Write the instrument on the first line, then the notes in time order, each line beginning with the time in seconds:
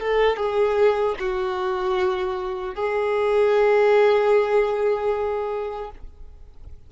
violin
0.00 A4
0.37 G#4
1.19 F#4
2.75 G#4